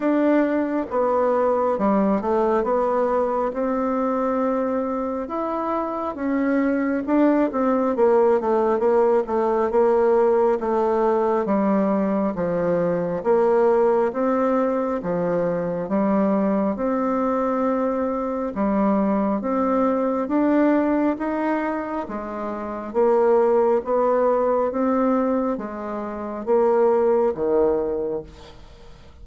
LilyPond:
\new Staff \with { instrumentName = "bassoon" } { \time 4/4 \tempo 4 = 68 d'4 b4 g8 a8 b4 | c'2 e'4 cis'4 | d'8 c'8 ais8 a8 ais8 a8 ais4 | a4 g4 f4 ais4 |
c'4 f4 g4 c'4~ | c'4 g4 c'4 d'4 | dis'4 gis4 ais4 b4 | c'4 gis4 ais4 dis4 | }